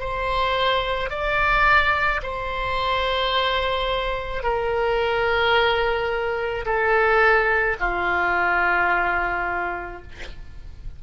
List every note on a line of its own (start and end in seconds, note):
0.00 1.10 C5
1.10 2.21 D5
2.23 4.43 C5
4.43 6.65 A#4
6.65 7.76 A4
7.80 10.02 F4